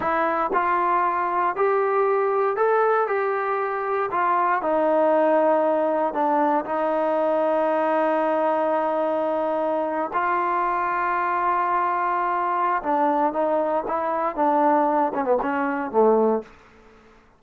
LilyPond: \new Staff \with { instrumentName = "trombone" } { \time 4/4 \tempo 4 = 117 e'4 f'2 g'4~ | g'4 a'4 g'2 | f'4 dis'2. | d'4 dis'2.~ |
dis'2.~ dis'8. f'16~ | f'1~ | f'4 d'4 dis'4 e'4 | d'4. cis'16 b16 cis'4 a4 | }